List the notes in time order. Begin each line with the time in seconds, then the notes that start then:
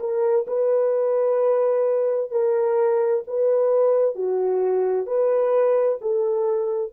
0.00 A#4
0.48 B4
2.31 A#4
3.28 B4
4.15 F#4
5.06 B4
6.02 A4